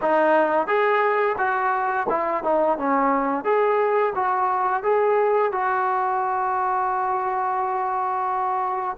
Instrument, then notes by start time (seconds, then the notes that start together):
trombone
0.01 D#4
0.67 G#4
1.38 F#4
2.09 E4
2.43 D#4
2.78 C#4
3.44 G#4
4.15 F#4
4.83 G#4
5.51 F#4